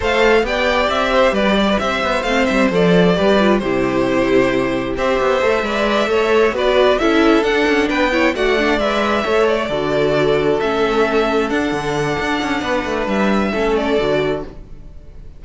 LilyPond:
<<
  \new Staff \with { instrumentName = "violin" } { \time 4/4 \tempo 4 = 133 f''4 g''4 e''4 d''4 | e''4 f''8 e''8 d''2 | c''2. e''4~ | e''2~ e''8 d''4 e''8~ |
e''8 fis''4 g''4 fis''4 e''8~ | e''4 d''2~ d''8 e''8~ | e''4. fis''2~ fis''8~ | fis''4 e''4. d''4. | }
  \new Staff \with { instrumentName = "violin" } { \time 4/4 c''4 d''4. c''8 b'8 d''16 b'16 | c''2. b'4 | g'2. c''4~ | c''8 d''4 cis''4 b'4 a'8~ |
a'4. b'8 cis''8 d''4.~ | d''8 cis''4 a'2~ a'8~ | a'1 | b'2 a'2 | }
  \new Staff \with { instrumentName = "viola" } { \time 4/4 a'4 g'2.~ | g'4 c'4 a'4 g'8 f'8 | e'2. g'4 | a'8 b'4 a'4 fis'4 e'8~ |
e'8 d'4. e'8 fis'8 d'8 b'8~ | b'8 a'4 fis'2 cis'8~ | cis'4. d'2~ d'8~ | d'2 cis'4 fis'4 | }
  \new Staff \with { instrumentName = "cello" } { \time 4/4 a4 b4 c'4 g4 | c'8 b8 a8 g8 f4 g4 | c2. c'8 b8 | a8 gis4 a4 b4 cis'8~ |
cis'8 d'8 cis'8 b4 a4 gis8~ | gis8 a4 d2 a8~ | a4. d'8 d4 d'8 cis'8 | b8 a8 g4 a4 d4 | }
>>